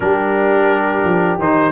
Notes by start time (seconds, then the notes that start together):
0.00 G3 D4 G4 A#4
1.03 F3
1.38 D#3 D#4 C5